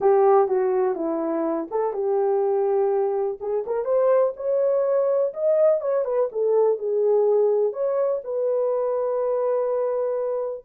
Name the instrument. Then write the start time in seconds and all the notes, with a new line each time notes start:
horn
0.00 G4
0.48 F#4
0.95 E4
1.70 A4
1.93 G4
3.40 G#4
3.66 A#4
3.85 C5
4.36 C#5
5.33 D#5
5.81 C#5
6.04 B4
6.32 A4
6.78 G#4
7.73 C#5
8.24 B4